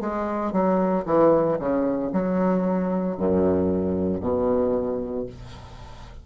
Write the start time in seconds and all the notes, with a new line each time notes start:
0.00 G#3
0.52 F#3
1.05 E3
1.59 C#3
2.12 F#3
3.17 F#2
4.21 B2